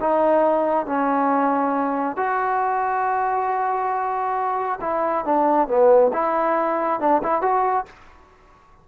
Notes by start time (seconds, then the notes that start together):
0.00 D#4
0.86 C#4
2.16 F#4
4.81 E4
5.25 D4
5.67 B3
6.13 E4
7.00 D4
7.23 E4
7.42 F#4